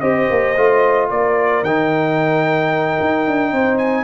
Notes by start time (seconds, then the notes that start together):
0.00 C4 G4 C5 D#5
0.30 A#3
0.56 A3 F4
1.10 A#3 A#4 D5
1.62 D#3 D#4 G5
3.00 D#4
3.27 D4
3.52 C4 C5
3.78 G#5